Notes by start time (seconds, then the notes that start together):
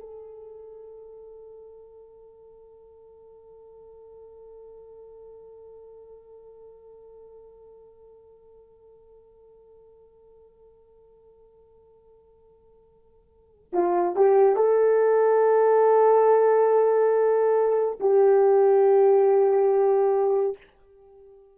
0.00 A4
13.73 F4
14.17 G4
14.56 A4
18.00 G4